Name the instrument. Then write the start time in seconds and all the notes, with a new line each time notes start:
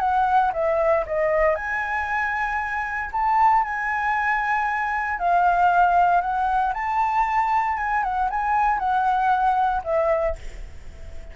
flute
0.00 F#5
0.53 E5
1.07 D#5
1.55 G#5
3.13 A5
3.64 G#5
5.19 F5
6.21 F#5
6.74 A5
7.78 G#5
8.04 F#5
8.30 G#5
8.79 F#5
9.84 E5